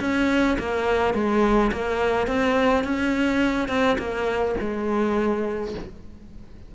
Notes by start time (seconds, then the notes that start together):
0.00 C#4
0.59 A#3
1.14 G#3
1.72 A#3
2.27 C4
2.84 C#4
3.69 C4
3.98 A#3
4.60 G#3